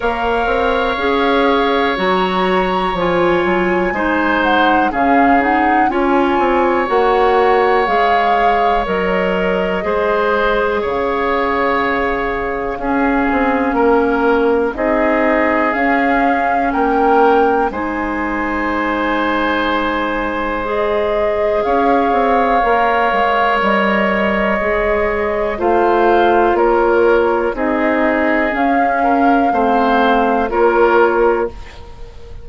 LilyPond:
<<
  \new Staff \with { instrumentName = "flute" } { \time 4/4 \tempo 4 = 61 f''2 ais''4 gis''4~ | gis''8 fis''8 f''8 fis''8 gis''4 fis''4 | f''4 dis''2 f''4~ | f''2. dis''4 |
f''4 g''4 gis''2~ | gis''4 dis''4 f''2 | dis''2 f''4 cis''4 | dis''4 f''2 cis''4 | }
  \new Staff \with { instrumentName = "oboe" } { \time 4/4 cis''1 | c''4 gis'4 cis''2~ | cis''2 c''4 cis''4~ | cis''4 gis'4 ais'4 gis'4~ |
gis'4 ais'4 c''2~ | c''2 cis''2~ | cis''2 c''4 ais'4 | gis'4. ais'8 c''4 ais'4 | }
  \new Staff \with { instrumentName = "clarinet" } { \time 4/4 ais'4 gis'4 fis'4 f'4 | dis'4 cis'8 dis'8 f'4 fis'4 | gis'4 ais'4 gis'2~ | gis'4 cis'2 dis'4 |
cis'2 dis'2~ | dis'4 gis'2 ais'4~ | ais'4 gis'4 f'2 | dis'4 cis'4 c'4 f'4 | }
  \new Staff \with { instrumentName = "bassoon" } { \time 4/4 ais8 c'8 cis'4 fis4 f8 fis8 | gis4 cis4 cis'8 c'8 ais4 | gis4 fis4 gis4 cis4~ | cis4 cis'8 c'8 ais4 c'4 |
cis'4 ais4 gis2~ | gis2 cis'8 c'8 ais8 gis8 | g4 gis4 a4 ais4 | c'4 cis'4 a4 ais4 | }
>>